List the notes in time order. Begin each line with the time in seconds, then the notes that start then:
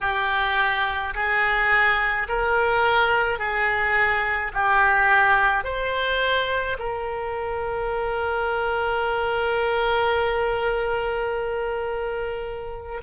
0.01 G4
1.14 G#4
2.28 A#4
3.39 G#4
4.53 G4
5.63 C5
6.78 A#4